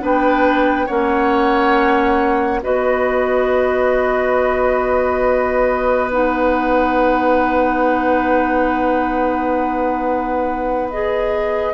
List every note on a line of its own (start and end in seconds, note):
0.00 0.88 B3
0.00 0.87 D4
0.00 0.86 B4
0.00 0.87 G5
0.86 2.63 A#3
0.86 2.62 C#4
0.86 2.60 C#5
0.86 2.61 F#5
2.62 11.74 B3
2.62 6.10 F#4
2.62 11.74 B4
2.62 6.11 D#5
6.11 10.89 D#4
6.11 10.89 F#5
10.89 11.74 G#4
10.89 11.74 D#5